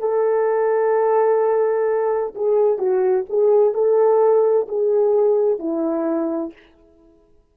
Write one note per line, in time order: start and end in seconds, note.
0.00 2.34 A4
2.35 2.79 G#4
2.79 3.26 F#4
3.30 3.74 G#4
3.74 4.68 A4
4.69 5.60 G#4
5.60 6.53 E4